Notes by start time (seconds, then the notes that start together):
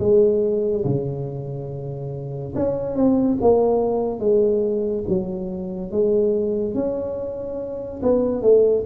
0.00 G#3
0.85 C#3
2.55 C#4
2.96 C4
3.41 A#3
4.20 G#3
5.09 F#3
5.92 G#3
6.75 C#4
8.03 B3
8.42 A3